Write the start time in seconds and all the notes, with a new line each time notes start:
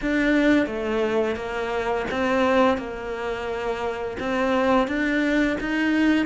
0.01 D4
0.66 A3
1.36 A#3
2.11 C4
2.77 A#3
4.19 C4
4.87 D4
5.60 D#4